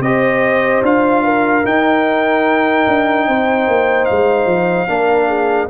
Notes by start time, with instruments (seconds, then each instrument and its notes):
0.00 tuba C4, trombone G4, horn C5, trumpet D#5
0.82 tuba D4, trombone F4, trumpet F5
1.23 horn A#4
1.65 tuba D#4, trombone D#4, trumpet G5
2.87 tuba D4
3.28 tuba C4, horn C5
3.68 tuba A#3
4.05 tuba G#3, trumpet F5
4.45 tuba F3
4.88 tuba A#3, trombone D4, horn A#4
5.27 horn G#4